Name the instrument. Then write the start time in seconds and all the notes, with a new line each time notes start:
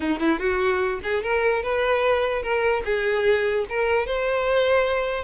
violin
0.00 D#4
0.19 E4
0.39 F#4
1.03 G#4
1.23 A#4
1.62 B4
2.42 A#4
2.84 G#4
3.69 A#4
4.06 C5